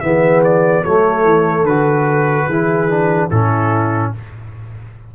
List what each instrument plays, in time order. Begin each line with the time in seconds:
0.00 tuba E3, trombone B3, horn G#4, trumpet E5
0.44 trumpet D5
0.84 tuba F#3, trombone A3, horn A4, trumpet C#5
1.24 tuba E3
1.63 tuba D3, trombone F#4, trumpet B4
2.47 tuba E3, trombone E4, horn G#4
2.89 trombone D4
3.30 tuba A2, trombone C#4, horn E4, trumpet A4